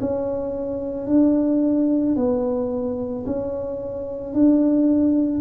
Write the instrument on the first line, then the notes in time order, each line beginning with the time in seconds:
tuba
0.00 C#4
1.07 D4
2.16 B3
3.25 C#4
4.33 D4